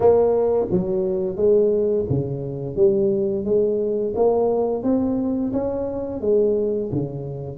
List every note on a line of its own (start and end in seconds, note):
0.00 0.66 A#3
0.70 1.36 F#3
1.36 2.05 G#3
2.09 2.76 C#3
2.76 3.45 G3
3.45 4.13 G#3
4.15 4.83 A#3
4.83 5.52 C4
5.53 6.21 C#4
6.21 6.90 G#3
6.92 7.57 C#3